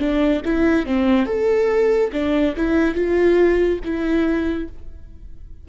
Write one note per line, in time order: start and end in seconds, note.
0.00 0.42 D4
0.45 0.86 E4
0.86 1.26 C4
1.26 2.10 A4
2.13 2.55 D4
2.57 2.95 E4
2.95 3.80 F4
3.85 4.69 E4